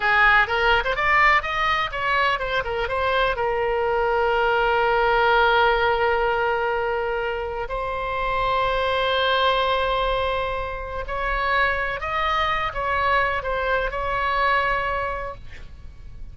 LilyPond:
\new Staff \with { instrumentName = "oboe" } { \time 4/4 \tempo 4 = 125 gis'4 ais'8. c''16 d''4 dis''4 | cis''4 c''8 ais'8 c''4 ais'4~ | ais'1~ | ais'1 |
c''1~ | c''2. cis''4~ | cis''4 dis''4. cis''4. | c''4 cis''2. | }